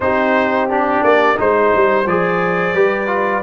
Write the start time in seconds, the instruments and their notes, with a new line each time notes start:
0.00 tuba C4, trombone D#4, horn G4, trumpet C5
0.69 trombone D4, trumpet G4
1.03 tuba A#3, trumpet D5
1.36 tuba G#3, trombone D#4, trumpet C5, horn C5
1.75 tuba G3
2.06 tuba F3, trombone G#4, trumpet D5
2.74 tuba G3, trombone G4, horn B4
3.07 trombone F4